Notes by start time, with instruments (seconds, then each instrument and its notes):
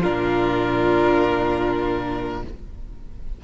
0.00 cello A#2, viola D4, violin F4 A#4